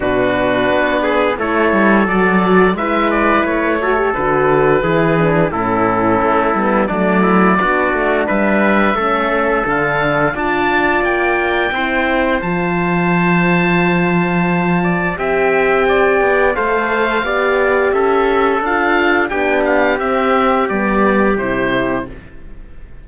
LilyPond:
<<
  \new Staff \with { instrumentName = "oboe" } { \time 4/4 \tempo 4 = 87 b'2 cis''4 d''4 | e''8 d''8 cis''4 b'2 | a'2 d''2 | e''2 f''4 a''4 |
g''2 a''2~ | a''2 g''2 | f''2 e''4 f''4 | g''8 f''8 e''4 d''4 c''4 | }
  \new Staff \with { instrumentName = "trumpet" } { \time 4/4 fis'4. gis'8 a'2 | b'4. a'4. gis'4 | e'2 d'8 e'8 fis'4 | b'4 a'2 d''4~ |
d''4 c''2.~ | c''4. d''8 e''4 d''4 | c''4 d''4 a'2 | g'1 | }
  \new Staff \with { instrumentName = "horn" } { \time 4/4 d'2 e'4 fis'4 | e'4. fis'16 g'16 fis'4 e'8 d'8 | cis'4. b8 a4 d'4~ | d'4 cis'4 d'4 f'4~ |
f'4 e'4 f'2~ | f'2 g'2 | a'4 g'2 f'4 | d'4 c'4 b4 e'4 | }
  \new Staff \with { instrumentName = "cello" } { \time 4/4 b,4 b4 a8 g8 fis4 | gis4 a4 d4 e4 | a,4 a8 g8 fis4 b8 a8 | g4 a4 d4 d'4 |
ais4 c'4 f2~ | f2 c'4. b8 | a4 b4 cis'4 d'4 | b4 c'4 g4 c4 | }
>>